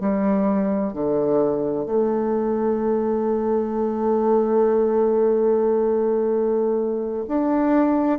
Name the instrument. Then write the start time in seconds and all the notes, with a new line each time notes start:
bassoon
0.00 G3
0.93 D3
1.85 A3
7.28 D4